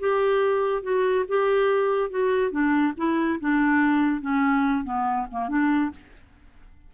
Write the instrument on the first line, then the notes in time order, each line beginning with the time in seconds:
clarinet
0.00 G4
0.83 F#4
1.28 G4
2.10 F#4
2.51 D4
2.97 E4
3.41 D4
4.21 C#4
4.85 B3
5.31 A#3
5.49 D4